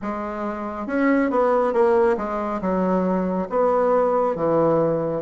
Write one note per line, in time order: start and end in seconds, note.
0.02 0.87 G#3
0.87 1.30 C#4
1.30 1.73 B3
1.73 2.16 A#3
2.17 2.60 G#3
2.61 3.48 F#3
3.49 4.35 B3
4.35 5.22 E3